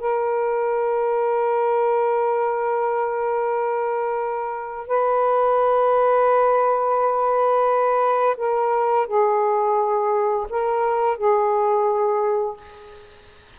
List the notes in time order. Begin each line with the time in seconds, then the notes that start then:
0.00 A#4
4.88 B4
8.38 A#4
9.08 G#4
10.50 A#4
11.18 G#4